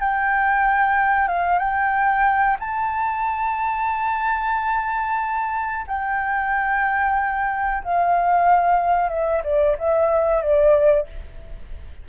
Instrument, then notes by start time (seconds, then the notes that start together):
flute
0.00 G5
1.28 F5
1.59 G5
2.60 A5
5.88 G5
7.83 F5
9.09 E5
9.44 D5
9.79 E5
10.42 D5